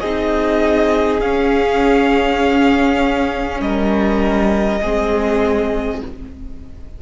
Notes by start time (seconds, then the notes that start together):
0.00 C4 D#4 G#4 D#5
1.21 C#4 F5
3.60 G3 A#4 D#5
4.81 G#3 C4 G#4